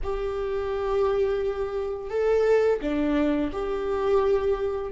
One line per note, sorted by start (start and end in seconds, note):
0.03 2.09 G4
2.09 2.79 A4
2.81 3.51 D4
3.52 4.92 G4